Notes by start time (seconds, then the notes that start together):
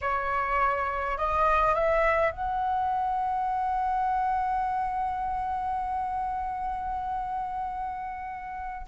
0.01 C#5
1.17 D#5
1.74 E5
2.31 F#5